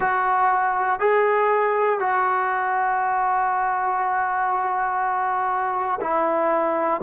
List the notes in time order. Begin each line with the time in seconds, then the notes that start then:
0.00 F#4
1.00 G#4
2.00 F#4
6.00 E4